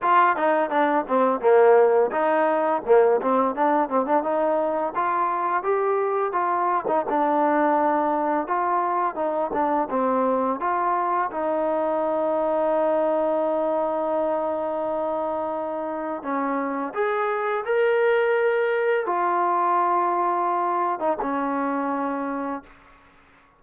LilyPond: \new Staff \with { instrumentName = "trombone" } { \time 4/4 \tempo 4 = 85 f'8 dis'8 d'8 c'8 ais4 dis'4 | ais8 c'8 d'8 c'16 d'16 dis'4 f'4 | g'4 f'8. dis'16 d'2 | f'4 dis'8 d'8 c'4 f'4 |
dis'1~ | dis'2. cis'4 | gis'4 ais'2 f'4~ | f'4.~ f'16 dis'16 cis'2 | }